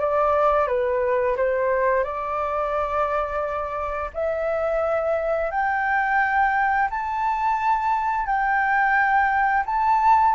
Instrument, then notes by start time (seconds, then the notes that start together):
flute
0.00 D5
0.68 B4
1.37 C5
2.04 D5
4.14 E5
5.51 G5
6.90 A5
8.26 G5
9.66 A5